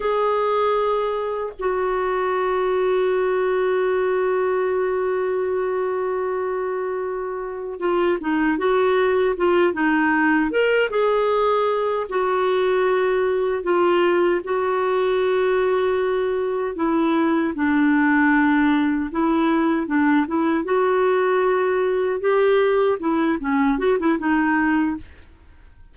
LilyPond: \new Staff \with { instrumentName = "clarinet" } { \time 4/4 \tempo 4 = 77 gis'2 fis'2~ | fis'1~ | fis'2 f'8 dis'8 fis'4 | f'8 dis'4 ais'8 gis'4. fis'8~ |
fis'4. f'4 fis'4.~ | fis'4. e'4 d'4.~ | d'8 e'4 d'8 e'8 fis'4.~ | fis'8 g'4 e'8 cis'8 fis'16 e'16 dis'4 | }